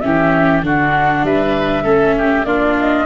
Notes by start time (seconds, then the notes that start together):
0.00 E3 C#4 G4 E5
0.62 D3 D4 F#4 F#5
1.23 G3 B4 E5
1.84 A3 C#4 A4
2.18 G4
2.45 A#3 D4 F4 D5
2.79 D#5